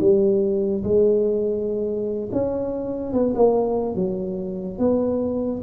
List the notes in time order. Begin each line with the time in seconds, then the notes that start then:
0.00 G3
0.84 G#3
2.33 C#4
3.13 B3
3.35 A#3
3.95 F#3
4.79 B3